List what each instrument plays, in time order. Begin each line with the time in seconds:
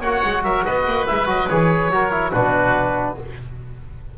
0.00 double bass A#3, trombone F#4, oboe C#5 F#5
0.24 double bass G#3
0.43 double bass F#3, oboe A#4 E5
0.65 double bass B3, oboe B4 D#5
0.85 double bass A#3
1.06 double bass G#3, trombone E4, oboe E5
1.26 double bass F#3, trombone F#4, oboe D#5
1.48 double bass E3, trombone G#4, oboe C#5
1.89 double bass F#3, trombone F#4, oboe A#4
2.11 trombone E4
2.31 double bass B2, trombone D4, oboe F#4 B4